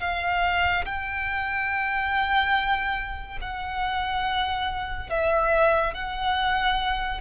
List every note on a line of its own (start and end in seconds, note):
0.00 0.85 F5
0.85 3.38 G5
3.41 5.09 F#5
5.09 5.94 E5
5.94 7.21 F#5